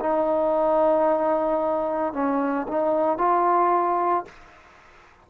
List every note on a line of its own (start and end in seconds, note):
0.00 2.13 D#4
2.13 2.67 C#4
2.68 3.18 D#4
3.18 4.25 F4